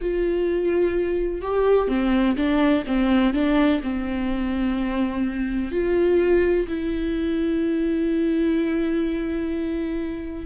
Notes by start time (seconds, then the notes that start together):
0.01 F4
1.41 G4
1.88 C4
2.36 D4
2.86 C4
3.33 D4
3.82 C4
5.71 F4
6.68 E4